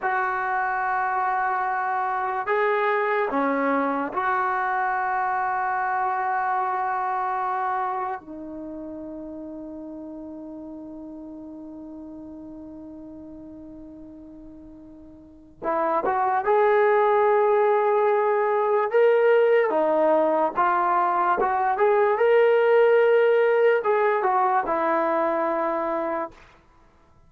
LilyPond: \new Staff \with { instrumentName = "trombone" } { \time 4/4 \tempo 4 = 73 fis'2. gis'4 | cis'4 fis'2.~ | fis'2 dis'2~ | dis'1~ |
dis'2. e'8 fis'8 | gis'2. ais'4 | dis'4 f'4 fis'8 gis'8 ais'4~ | ais'4 gis'8 fis'8 e'2 | }